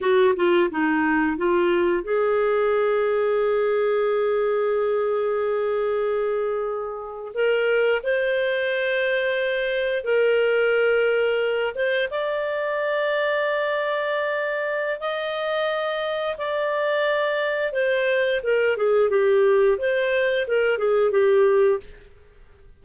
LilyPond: \new Staff \with { instrumentName = "clarinet" } { \time 4/4 \tempo 4 = 88 fis'8 f'8 dis'4 f'4 gis'4~ | gis'1~ | gis'2~ gis'8. ais'4 c''16~ | c''2~ c''8. ais'4~ ais'16~ |
ais'4~ ais'16 c''8 d''2~ d''16~ | d''2 dis''2 | d''2 c''4 ais'8 gis'8 | g'4 c''4 ais'8 gis'8 g'4 | }